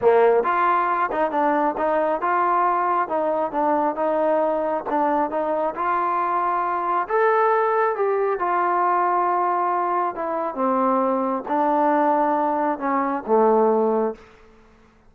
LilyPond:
\new Staff \with { instrumentName = "trombone" } { \time 4/4 \tempo 4 = 136 ais4 f'4. dis'8 d'4 | dis'4 f'2 dis'4 | d'4 dis'2 d'4 | dis'4 f'2. |
a'2 g'4 f'4~ | f'2. e'4 | c'2 d'2~ | d'4 cis'4 a2 | }